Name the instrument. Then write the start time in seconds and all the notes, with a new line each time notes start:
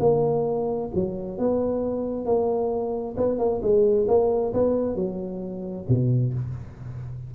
tuba
0.00 A#3
0.95 F#3
1.39 B3
2.26 A#3
3.17 B3
3.39 A#3
3.62 G#3
4.08 A#3
4.54 B3
4.95 F#3
5.89 B2